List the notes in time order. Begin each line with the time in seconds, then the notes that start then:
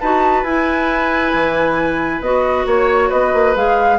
0.00 D#4 F#4 B4 A5
0.43 E4 G#5
1.34 E3
2.20 B3 F#4 D#5
2.65 A#3 C#5
3.08 B3 B4 D#5
3.33 A#3
3.55 G#3 G#4 F5